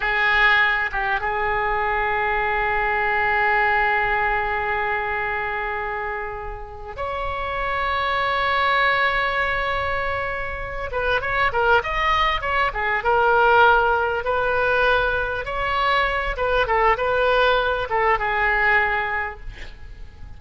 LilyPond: \new Staff \with { instrumentName = "oboe" } { \time 4/4 \tempo 4 = 99 gis'4. g'8 gis'2~ | gis'1~ | gis'2.~ gis'8 cis''8~ | cis''1~ |
cis''2 b'8 cis''8 ais'8 dis''8~ | dis''8 cis''8 gis'8 ais'2 b'8~ | b'4. cis''4. b'8 a'8 | b'4. a'8 gis'2 | }